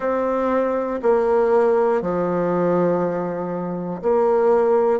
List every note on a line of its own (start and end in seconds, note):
0.00 1.00 C4
1.02 2.01 A#3
2.01 4.01 F3
4.02 5.00 A#3